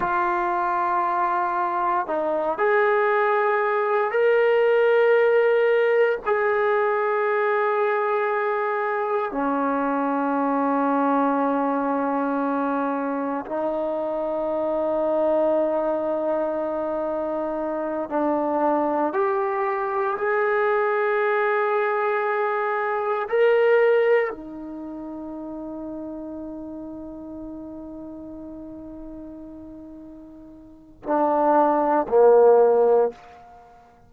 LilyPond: \new Staff \with { instrumentName = "trombone" } { \time 4/4 \tempo 4 = 58 f'2 dis'8 gis'4. | ais'2 gis'2~ | gis'4 cis'2.~ | cis'4 dis'2.~ |
dis'4. d'4 g'4 gis'8~ | gis'2~ gis'8 ais'4 dis'8~ | dis'1~ | dis'2 d'4 ais4 | }